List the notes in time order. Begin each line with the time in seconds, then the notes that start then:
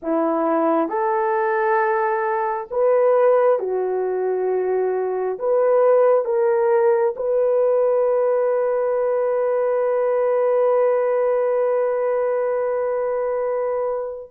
0.02 E4
0.88 A4
2.70 B4
3.59 F#4
5.38 B4
6.24 A#4
7.16 B4